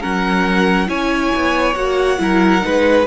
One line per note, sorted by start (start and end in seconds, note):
0.00 0.88 F#3
0.00 0.87 C#4
0.00 0.87 A#4
0.00 0.89 F#5
0.87 1.32 C#4
0.87 1.74 E4
0.87 2.19 C#5
0.87 1.74 G#5
1.35 1.75 B3
1.74 2.18 A#3
1.74 2.18 F#4
1.74 3.05 F#5
2.18 2.63 F#3
2.18 2.61 E4
2.18 2.65 A#4
2.61 3.06 G#3
2.61 3.05 D#4
2.61 3.06 B4